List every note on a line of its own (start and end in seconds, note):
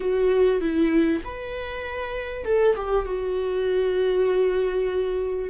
0.00 0.60 F#4
0.60 1.22 E4
1.24 2.45 B4
2.45 2.75 A4
2.75 3.05 G4
3.05 5.50 F#4